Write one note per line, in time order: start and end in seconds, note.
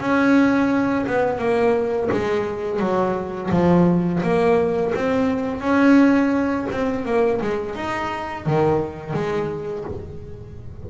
0.00 1.06 C#4
1.07 1.39 B3
1.39 2.09 A#3
2.12 2.79 G#3
2.79 3.50 F#3
3.51 4.22 F3
4.23 4.93 A#3
4.95 5.61 C4
5.61 6.67 C#4
6.71 7.05 C4
7.05 7.41 A#3
7.41 7.76 G#3
7.76 8.46 D#4
8.46 9.14 D#3
9.14 9.84 G#3